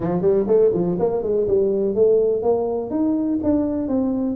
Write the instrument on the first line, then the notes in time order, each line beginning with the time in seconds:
tuba
0.00 F3
0.21 G3
0.47 A3
0.73 F3
0.99 A#3
1.22 G#3
1.47 G3
1.94 A3
2.42 A#3
2.90 D#4
3.43 D4
3.88 C4